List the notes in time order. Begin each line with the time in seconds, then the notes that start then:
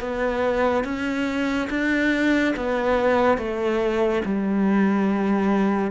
0.00 B3
0.84 C#4
1.70 D4
2.56 B3
3.38 A3
4.25 G3